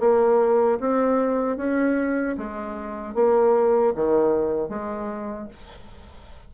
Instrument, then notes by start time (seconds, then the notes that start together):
bassoon
0.00 A#3
0.80 C4
1.57 C#4
2.38 G#3
3.15 A#3
3.95 D#3
4.69 G#3